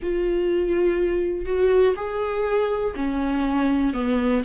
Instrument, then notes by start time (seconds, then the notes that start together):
viola
0.02 F4
1.45 F#4
1.95 G#4
2.95 C#4
3.93 B3